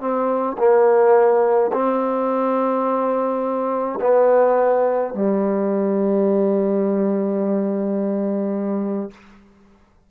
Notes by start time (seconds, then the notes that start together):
0.00 C4
0.58 A#3
1.72 C4
4.00 B3
5.14 G3